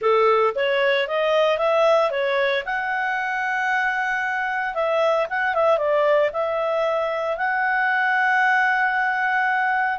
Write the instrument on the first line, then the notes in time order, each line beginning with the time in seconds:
clarinet
0.01 A4
0.55 C#5
1.07 D#5
1.58 E5
2.11 C#5
2.65 F#5
4.74 E5
5.29 F#5
5.54 E5
5.77 D5
6.33 E5
7.37 F#5